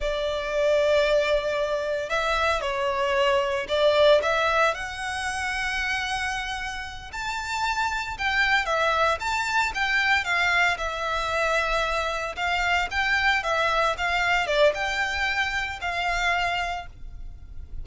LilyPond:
\new Staff \with { instrumentName = "violin" } { \time 4/4 \tempo 4 = 114 d''1 | e''4 cis''2 d''4 | e''4 fis''2.~ | fis''4. a''2 g''8~ |
g''8 e''4 a''4 g''4 f''8~ | f''8 e''2. f''8~ | f''8 g''4 e''4 f''4 d''8 | g''2 f''2 | }